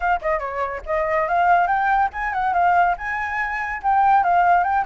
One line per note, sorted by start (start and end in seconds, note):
0.00 0.20 F5
0.21 0.39 D#5
0.39 0.81 C#5
0.85 1.28 D#5
1.28 1.67 F5
1.67 2.09 G5
2.12 2.33 G#5
2.33 2.53 F#5
2.53 2.95 F5
2.97 3.81 G#5
3.82 4.23 G5
4.23 4.63 F5
4.63 4.84 G5